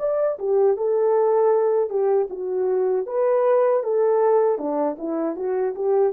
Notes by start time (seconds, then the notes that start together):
0.00 D5
0.40 G4
0.78 A4
1.90 G4
2.31 F#4
3.07 B4
3.84 A4
4.58 D4
4.99 E4
5.37 F#4
5.76 G4